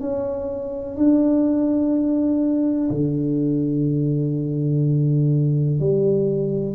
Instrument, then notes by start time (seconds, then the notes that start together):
tuba
0.00 C#4
0.96 D4
2.90 D3
5.80 G3